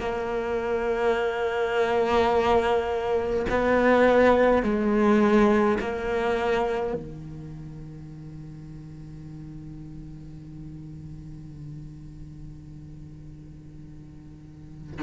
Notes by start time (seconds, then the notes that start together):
0.00 A#3
3.50 B3
4.63 G#3
5.80 A#3
6.94 D#3